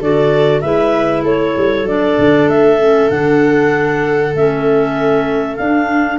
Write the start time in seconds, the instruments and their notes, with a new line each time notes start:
0.00 tuba D3, clarinet F#4 D5, viola A4
0.61 tuba G#3, clarinet E4 E5, viola B4
1.23 tuba A3, viola A4, clarinet C#5
1.57 tuba G3
1.83 tuba F#3, clarinet D4 D5
2.18 tuba D3
2.48 tuba A3, clarinet E5
2.79 clarinet C#4
3.10 tuba D3, clarinet D4 F#5
4.34 tuba A3, clarinet C#4 E5
5.56 clarinet D4 F5, tuba D4